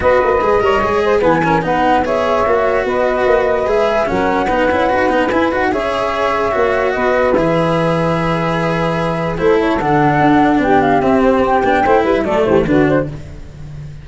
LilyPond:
<<
  \new Staff \with { instrumentName = "flute" } { \time 4/4 \tempo 4 = 147 dis''2. gis''4 | fis''4 e''2 dis''4~ | dis''4 e''4 fis''2~ | fis''4 gis''8 fis''8 e''2~ |
e''4 dis''4 e''2~ | e''2. c''8 cis''8 | fis''2 g''8 f''8 e''8 c''8 | g''4. e''8 d''8 c''8 b'8 c''8 | }
  \new Staff \with { instrumentName = "saxophone" } { \time 4/4 b'4. cis''4 c''8 b'8 ais'8 | b'4 cis''2 b'4~ | b'2 ais'4 b'4~ | b'2 cis''2~ |
cis''4 b'2.~ | b'2. a'4~ | a'2 g'2~ | g'4 c''8 b'8 a'8 g'8 fis'4 | }
  \new Staff \with { instrumentName = "cello" } { \time 4/4 fis'4 gis'8 ais'8 gis'4 b8 cis'8 | dis'4 gis'4 fis'2~ | fis'4 gis'4 cis'4 dis'8 e'8 | fis'8 dis'8 e'8 fis'8 gis'2 |
fis'2 gis'2~ | gis'2. e'4 | d'2. c'4~ | c'8 d'8 e'4 a4 d'4 | }
  \new Staff \with { instrumentName = "tuba" } { \time 4/4 b8 ais8 gis8 g8 gis4 e4 | b2 ais4 b4 | ais4 gis4 fis4 b8 cis'8 | dis'8 b8 e'8 dis'8 cis'2 |
ais4 b4 e2~ | e2. a4 | d4 d'4 b4 c'4~ | c'8 b8 a8 g8 fis8 e8 d4 | }
>>